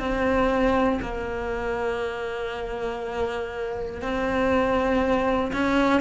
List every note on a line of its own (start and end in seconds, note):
0.00 1.00 C4
1.02 4.02 A#3
4.02 5.52 C4
5.53 6.01 C#4